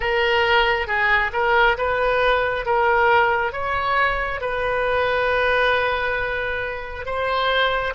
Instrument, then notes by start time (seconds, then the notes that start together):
oboe
0.00 A#4
0.87 G#4
1.32 A#4
1.77 B4
2.65 A#4
3.52 C#5
4.40 B4
7.05 C5